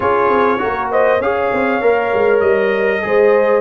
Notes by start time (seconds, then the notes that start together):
0.00 C#4 F4 G#4 C#5
0.30 C4
0.58 A#3 F#4 A#4
0.91 C5 D#5
1.20 C#4 G#4 C#5 F5
1.52 C4
1.81 A#3 A#4
2.13 G#3
2.40 G3 D#5
3.02 G#3 G#4 C5